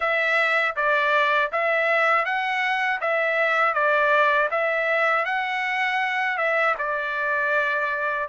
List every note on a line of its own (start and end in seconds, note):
0.00 0.75 E5
0.76 1.51 D5
1.51 2.25 E5
2.25 3.00 F#5
3.00 3.73 E5
3.73 4.48 D5
4.50 5.25 E5
5.25 6.37 F#5
6.37 6.75 E5
6.78 8.28 D5